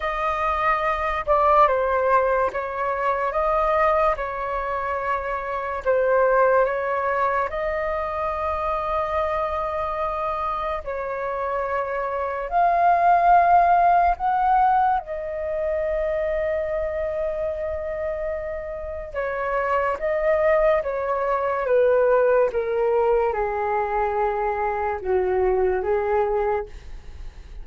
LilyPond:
\new Staff \with { instrumentName = "flute" } { \time 4/4 \tempo 4 = 72 dis''4. d''8 c''4 cis''4 | dis''4 cis''2 c''4 | cis''4 dis''2.~ | dis''4 cis''2 f''4~ |
f''4 fis''4 dis''2~ | dis''2. cis''4 | dis''4 cis''4 b'4 ais'4 | gis'2 fis'4 gis'4 | }